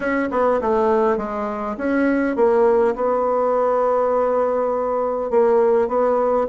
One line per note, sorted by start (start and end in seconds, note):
0.00 0.28 C#4
0.31 0.60 B3
0.61 1.17 A3
1.17 1.75 G#3
1.77 2.35 C#4
2.35 2.94 A#3
2.95 5.30 B3
5.30 5.87 A#3
5.87 6.46 B3